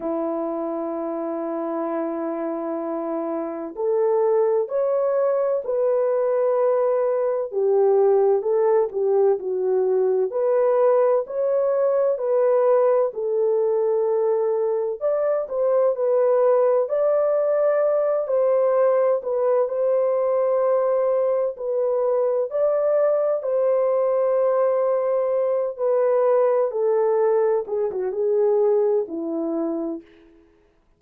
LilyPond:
\new Staff \with { instrumentName = "horn" } { \time 4/4 \tempo 4 = 64 e'1 | a'4 cis''4 b'2 | g'4 a'8 g'8 fis'4 b'4 | cis''4 b'4 a'2 |
d''8 c''8 b'4 d''4. c''8~ | c''8 b'8 c''2 b'4 | d''4 c''2~ c''8 b'8~ | b'8 a'4 gis'16 fis'16 gis'4 e'4 | }